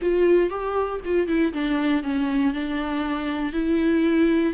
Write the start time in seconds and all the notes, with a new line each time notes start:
0.01 F4
0.50 G4
1.05 F4
1.27 E4
1.53 D4
2.03 C#4
2.53 D4
3.52 E4